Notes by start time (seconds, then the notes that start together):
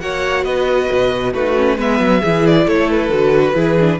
0.00 A#3 F#4 C#5 F#5
0.44 B3 B4 D#5
0.92 B2
1.34 A3 D#4 F#4 B4
1.56 C#4
1.77 G#3 B3 B4 E5
2.00 F#3
2.21 E3 E4 G#4
2.46 D5
2.66 A3 A4 C#5
2.90 B4
3.09 D3 F#4
3.54 E3 E4 G#4
3.80 D4